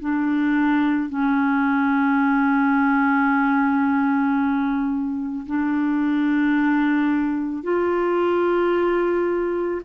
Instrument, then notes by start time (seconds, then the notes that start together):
clarinet
0.00 D4
1.09 C#4
5.46 D4
7.63 F4